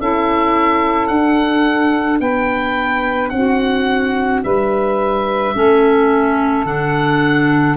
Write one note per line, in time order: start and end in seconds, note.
0.00 1.09 C#4
0.00 1.12 E4
0.00 2.21 A4
0.00 1.07 E5
1.07 2.20 D4
1.07 5.55 D4
1.07 2.19 F#5
2.20 3.31 B3
2.20 3.32 B4
2.20 3.29 G5
3.29 4.43 C4
3.29 4.44 F#4
3.29 4.40 F#5
4.44 5.55 G3
4.44 5.55 B4
4.44 6.66 E5
5.55 6.65 A3
5.55 6.66 C#4
5.55 7.77 A4
6.65 7.76 D3
6.65 7.77 D4
6.65 7.77 F#5